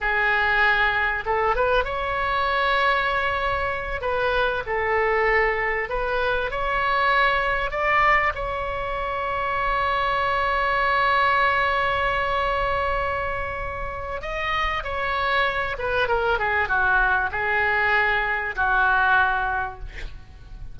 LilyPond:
\new Staff \with { instrumentName = "oboe" } { \time 4/4 \tempo 4 = 97 gis'2 a'8 b'8 cis''4~ | cis''2~ cis''8 b'4 a'8~ | a'4. b'4 cis''4.~ | cis''8 d''4 cis''2~ cis''8~ |
cis''1~ | cis''2. dis''4 | cis''4. b'8 ais'8 gis'8 fis'4 | gis'2 fis'2 | }